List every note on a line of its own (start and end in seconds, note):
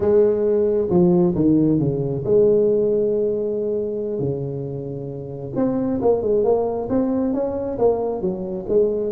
0.00 0.88 G#3
0.90 1.34 F3
1.35 1.79 D#3
1.79 2.23 C#3
2.24 4.19 G#3
4.19 5.52 C#3
5.55 6.00 C4
6.01 6.22 A#3
6.22 6.43 G#3
6.43 6.88 A#3
6.89 7.33 C4
7.33 7.78 C#4
7.78 8.21 A#3
8.21 8.65 F#3
8.68 9.12 G#3